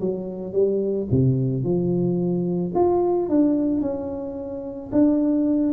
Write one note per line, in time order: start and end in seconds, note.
0.00 0.53 F#3
0.53 1.07 G3
1.11 1.63 C3
1.63 2.72 F3
2.75 3.29 F4
3.29 3.81 D4
3.81 4.90 C#4
4.92 5.72 D4